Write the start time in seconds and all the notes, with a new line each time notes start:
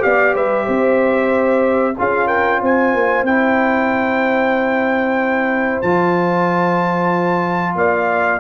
0.00 B3 G4 D5 F5
0.35 G3 B4 E5
0.65 C4 C5
1.99 C#4 F4 G#4 F5
2.28 A#4 G5
2.62 C4 C5 G#5
2.94 A#3
3.23 C4 E4 G5
5.82 F3 F4 A5
7.75 A#3 D5 F5